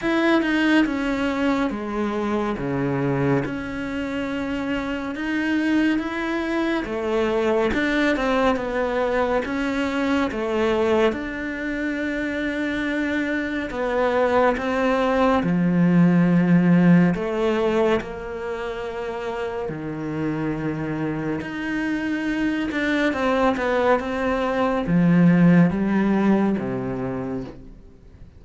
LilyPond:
\new Staff \with { instrumentName = "cello" } { \time 4/4 \tempo 4 = 70 e'8 dis'8 cis'4 gis4 cis4 | cis'2 dis'4 e'4 | a4 d'8 c'8 b4 cis'4 | a4 d'2. |
b4 c'4 f2 | a4 ais2 dis4~ | dis4 dis'4. d'8 c'8 b8 | c'4 f4 g4 c4 | }